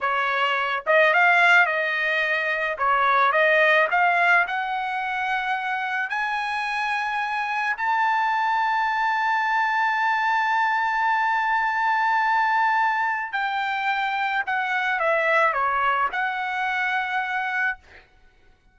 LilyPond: \new Staff \with { instrumentName = "trumpet" } { \time 4/4 \tempo 4 = 108 cis''4. dis''8 f''4 dis''4~ | dis''4 cis''4 dis''4 f''4 | fis''2. gis''4~ | gis''2 a''2~ |
a''1~ | a''1 | g''2 fis''4 e''4 | cis''4 fis''2. | }